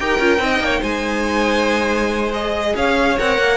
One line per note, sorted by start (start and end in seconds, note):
0.00 0.20 D#4
0.00 0.20 G4
0.00 0.44 A#4
0.00 0.84 G5
0.20 0.39 C#4
0.20 0.38 F4
0.38 0.60 C4
0.38 2.30 D#4
0.38 0.65 D#5
0.60 0.81 A#3
0.60 0.80 C#5
0.80 2.75 G#3
0.80 2.72 C5
0.80 2.33 G#5
2.34 3.19 G#4
2.34 2.76 D#5
2.76 3.19 C#4
2.76 3.58 C#5
2.76 3.19 F5
3.19 3.39 C4
3.19 3.58 A#4
3.19 3.58 F#5
3.39 3.58 A#3